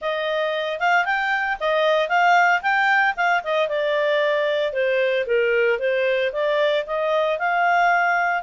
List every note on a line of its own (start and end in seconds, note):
0.01 0.79 D#5
0.79 1.05 F5
1.05 1.57 G5
1.60 2.08 D#5
2.08 2.61 F5
2.62 3.14 G5
3.16 3.42 F5
3.43 3.68 D#5
3.68 4.72 D5
4.72 5.25 C5
5.26 5.79 A#4
5.79 6.31 C5
6.32 6.84 D5
6.86 7.38 D#5
7.38 8.42 F5